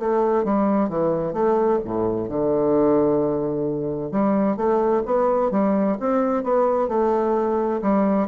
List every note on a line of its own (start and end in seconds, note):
0.00 0.44 A3
0.44 0.90 G3
0.90 1.34 E3
1.34 1.80 A3
1.85 2.29 A2
2.29 4.12 D3
4.12 4.57 G3
4.57 5.03 A3
5.06 5.52 B3
5.52 5.98 G3
6.00 6.44 C4
6.44 6.89 B3
6.89 7.81 A3
7.82 8.28 G3